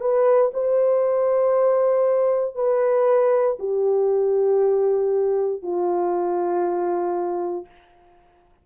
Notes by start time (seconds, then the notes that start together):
0.00 B4
0.54 C5
2.55 B4
3.59 G4
5.62 F4